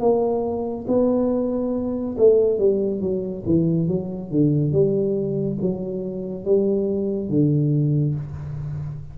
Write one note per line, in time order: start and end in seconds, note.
0.00 0.86 A#3
0.88 2.17 B3
2.18 2.59 A3
2.59 3.01 G3
3.01 3.44 F#3
3.46 3.88 E3
3.88 4.31 F#3
4.31 4.73 D3
4.73 5.58 G3
5.62 6.45 F#3
6.45 7.30 G3
7.30 8.15 D3